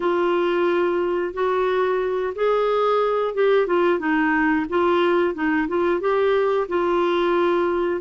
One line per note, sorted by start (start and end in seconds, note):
0.00 1.33 F4
1.33 2.33 F#4
2.35 3.34 G#4
3.34 3.67 G4
3.67 3.99 F4
3.99 4.65 D#4
4.69 5.34 F4
5.34 5.67 D#4
5.68 6.00 F4
6.00 6.67 G4
6.68 8.00 F4